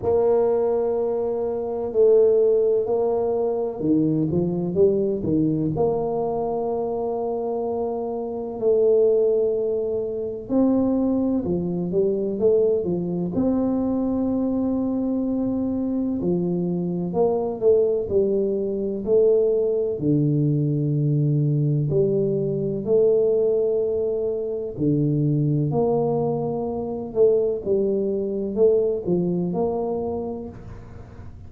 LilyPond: \new Staff \with { instrumentName = "tuba" } { \time 4/4 \tempo 4 = 63 ais2 a4 ais4 | dis8 f8 g8 dis8 ais2~ | ais4 a2 c'4 | f8 g8 a8 f8 c'2~ |
c'4 f4 ais8 a8 g4 | a4 d2 g4 | a2 d4 ais4~ | ais8 a8 g4 a8 f8 ais4 | }